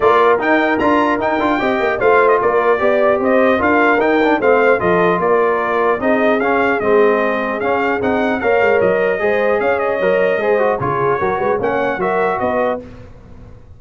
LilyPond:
<<
  \new Staff \with { instrumentName = "trumpet" } { \time 4/4 \tempo 4 = 150 d''4 g''4 ais''4 g''4~ | g''4 f''8. dis''16 d''2 | dis''4 f''4 g''4 f''4 | dis''4 d''2 dis''4 |
f''4 dis''2 f''4 | fis''4 f''4 dis''2 | f''8 dis''2~ dis''8 cis''4~ | cis''4 fis''4 e''4 dis''4 | }
  \new Staff \with { instrumentName = "horn" } { \time 4/4 ais'1 | dis''4 c''4 ais'4 d''4 | c''4 ais'2 c''4 | a'4 ais'2 gis'4~ |
gis'1~ | gis'4 cis''2 c''4 | cis''2 c''4 gis'4 | ais'8 b'8 cis''4 ais'4 b'4 | }
  \new Staff \with { instrumentName = "trombone" } { \time 4/4 f'4 dis'4 f'4 dis'8 f'8 | g'4 f'2 g'4~ | g'4 f'4 dis'8 d'8 c'4 | f'2. dis'4 |
cis'4 c'2 cis'4 | dis'4 ais'2 gis'4~ | gis'4 ais'4 gis'8 fis'8 f'4 | fis'4 cis'4 fis'2 | }
  \new Staff \with { instrumentName = "tuba" } { \time 4/4 ais4 dis'4 d'4 dis'8 d'8 | c'8 ais8 a4 ais4 b4 | c'4 d'4 dis'4 a4 | f4 ais2 c'4 |
cis'4 gis2 cis'4 | c'4 ais8 gis8 fis4 gis4 | cis'4 fis4 gis4 cis4 | fis8 gis8 ais4 fis4 b4 | }
>>